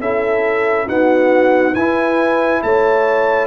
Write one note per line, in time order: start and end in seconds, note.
0.00 0.87 C#4
0.00 0.87 E4
0.00 0.86 A4
0.00 0.88 E5
0.86 1.74 B3
0.86 1.74 D#4
0.86 1.73 F#4
0.86 1.75 F#5
1.75 2.62 E4
1.75 3.47 E4
1.75 2.62 B4
1.75 2.62 G#5
2.63 3.47 A3
2.63 3.47 C#5
2.63 3.47 A5